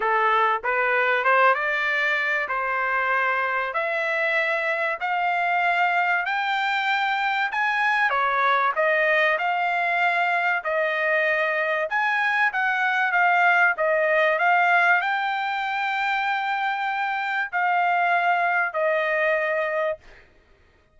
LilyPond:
\new Staff \with { instrumentName = "trumpet" } { \time 4/4 \tempo 4 = 96 a'4 b'4 c''8 d''4. | c''2 e''2 | f''2 g''2 | gis''4 cis''4 dis''4 f''4~ |
f''4 dis''2 gis''4 | fis''4 f''4 dis''4 f''4 | g''1 | f''2 dis''2 | }